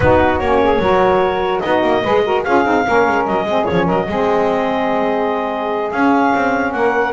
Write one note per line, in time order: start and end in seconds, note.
0.00 0.40 B3
0.00 0.43 D#4
0.00 0.62 F#4
0.00 0.38 B4
0.38 0.79 A#3
0.38 0.82 C#4
0.38 1.60 C#5
0.62 0.81 G#4
0.79 1.60 F#3
0.79 1.63 F#4
0.79 1.62 A#4
1.60 1.83 B3
1.60 2.03 D#4
1.60 2.03 F#4
1.60 2.41 D#5
1.83 2.03 A#3
2.03 2.45 G#3
2.03 2.23 G#4
2.03 2.23 B4
2.23 2.44 F#4
2.23 2.44 A#4
2.43 2.65 C#4
2.43 2.63 F4
2.43 2.85 G#4
2.43 3.25 F5
2.63 2.85 C4
2.63 2.84 D#4
2.86 3.08 A#3
2.86 3.47 C#4
2.86 3.45 A#4
3.08 3.27 G#3
3.25 3.43 F#3
3.25 3.64 D#5
3.43 3.64 G#3
3.43 3.65 C4
3.43 3.85 G#4
3.64 4.06 C#4
3.64 3.85 C#5
3.71 3.88 F3
3.85 4.08 F#3
3.85 4.05 A#4
3.85 5.91 D#5
4.07 5.92 G#3
4.07 5.91 C4
4.07 6.72 G#4
5.91 7.13 C#4
5.91 6.33 C#4
5.91 6.71 F5
6.35 6.73 C4
6.71 7.13 A#3
6.71 7.13 A#4
6.71 7.12 F#5